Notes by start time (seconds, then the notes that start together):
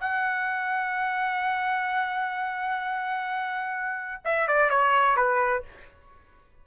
0.00 F#5
4.25 E5
4.47 D5
4.70 C#5
5.16 B4